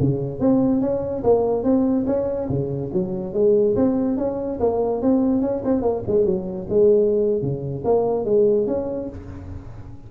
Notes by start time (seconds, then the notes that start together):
0.00 C#3
0.40 C4
0.81 C#4
1.24 A#3
1.63 C4
2.07 C#4
2.49 C#3
2.93 F#3
3.34 G#3
3.76 C4
4.18 C#4
4.60 A#3
5.02 C4
5.42 C#4
5.65 C4
5.82 A#3
6.07 G#3
6.26 F#3
6.70 G#3
7.42 C#3
7.85 A#3
8.25 G#3
8.67 C#4